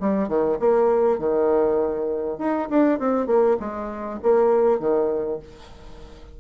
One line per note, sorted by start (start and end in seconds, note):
0.00 0.28 G3
0.28 0.58 D#3
0.59 1.19 A#3
1.19 2.38 D#3
2.38 2.68 D#4
2.70 2.99 D4
2.99 3.27 C4
3.27 3.57 A#3
3.60 4.20 G#3
4.23 4.79 A#3
4.79 5.39 D#3